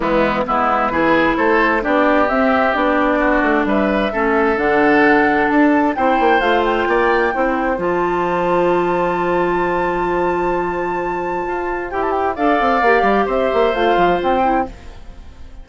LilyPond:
<<
  \new Staff \with { instrumentName = "flute" } { \time 4/4 \tempo 4 = 131 e'4 b'2 c''4 | d''4 e''4 d''2 | e''2 fis''2 | a''4 g''4 f''8 g''4.~ |
g''4 a''2.~ | a''1~ | a''2 g''16 a''16 g''8 f''4~ | f''4 e''4 f''4 g''4 | }
  \new Staff \with { instrumentName = "oboe" } { \time 4/4 b4 e'4 gis'4 a'4 | g'2. fis'4 | b'4 a'2.~ | a'4 c''2 d''4 |
c''1~ | c''1~ | c''2. d''4~ | d''4 c''2. | }
  \new Staff \with { instrumentName = "clarinet" } { \time 4/4 gis4 b4 e'2 | d'4 c'4 d'2~ | d'4 cis'4 d'2~ | d'4 e'4 f'2 |
e'4 f'2.~ | f'1~ | f'2 g'4 a'4 | g'2 f'4. e'8 | }
  \new Staff \with { instrumentName = "bassoon" } { \time 4/4 e4 gis4 e4 a4 | b4 c'4 b4. a8 | g4 a4 d2 | d'4 c'8 ais8 a4 ais4 |
c'4 f2.~ | f1~ | f4 f'4 e'4 d'8 c'8 | ais8 g8 c'8 ais8 a8 f8 c'4 | }
>>